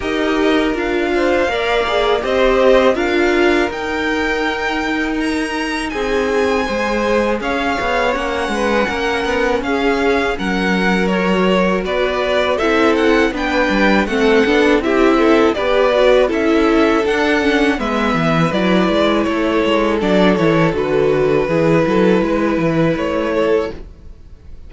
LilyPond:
<<
  \new Staff \with { instrumentName = "violin" } { \time 4/4 \tempo 4 = 81 dis''4 f''2 dis''4 | f''4 g''2 ais''4 | gis''2 f''4 fis''4~ | fis''4 f''4 fis''4 cis''4 |
d''4 e''8 fis''8 g''4 fis''4 | e''4 d''4 e''4 fis''4 | e''4 d''4 cis''4 d''8 cis''8 | b'2. cis''4 | }
  \new Staff \with { instrumentName = "violin" } { \time 4/4 ais'4. c''8 d''4 c''4 | ais'1 | gis'4 c''4 cis''4. b'8 | ais'4 gis'4 ais'2 |
b'4 a'4 b'4 a'4 | g'8 a'8 b'4 a'2 | b'2 a'2~ | a'4 gis'8 a'8 b'4. a'8 | }
  \new Staff \with { instrumentName = "viola" } { \time 4/4 g'4 f'4 ais'8 gis'8 g'4 | f'4 dis'2.~ | dis'4 gis'2 cis'4~ | cis'2. fis'4~ |
fis'4 e'4 d'4 c'8 d'8 | e'4 g'8 fis'8 e'4 d'8 cis'8 | b4 e'2 d'8 e'8 | fis'4 e'2. | }
  \new Staff \with { instrumentName = "cello" } { \time 4/4 dis'4 d'4 ais4 c'4 | d'4 dis'2. | c'4 gis4 cis'8 b8 ais8 gis8 | ais8 b8 cis'4 fis2 |
b4 c'4 b8 g8 a8 b8 | c'4 b4 cis'4 d'4 | gis8 e8 fis8 gis8 a8 gis8 fis8 e8 | d4 e8 fis8 gis8 e8 a4 | }
>>